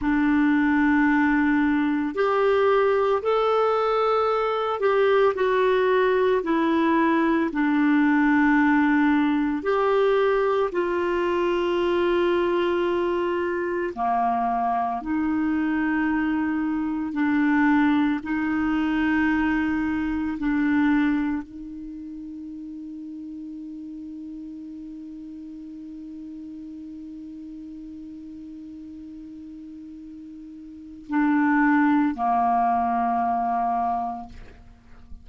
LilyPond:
\new Staff \with { instrumentName = "clarinet" } { \time 4/4 \tempo 4 = 56 d'2 g'4 a'4~ | a'8 g'8 fis'4 e'4 d'4~ | d'4 g'4 f'2~ | f'4 ais4 dis'2 |
d'4 dis'2 d'4 | dis'1~ | dis'1~ | dis'4 d'4 ais2 | }